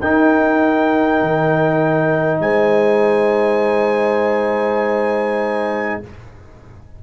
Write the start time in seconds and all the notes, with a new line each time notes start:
0.00 D#4 A#4 G5
1.22 D#3
2.41 G#3 C5 G#5